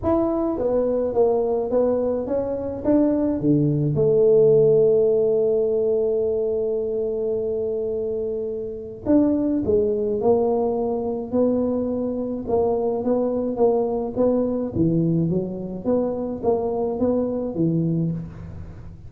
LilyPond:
\new Staff \with { instrumentName = "tuba" } { \time 4/4 \tempo 4 = 106 e'4 b4 ais4 b4 | cis'4 d'4 d4 a4~ | a1~ | a1 |
d'4 gis4 ais2 | b2 ais4 b4 | ais4 b4 e4 fis4 | b4 ais4 b4 e4 | }